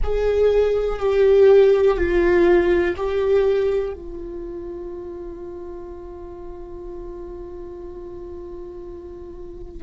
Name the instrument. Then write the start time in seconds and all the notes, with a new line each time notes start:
viola
0.03 G#4
0.99 G4
1.97 F4
2.96 G4
3.93 F4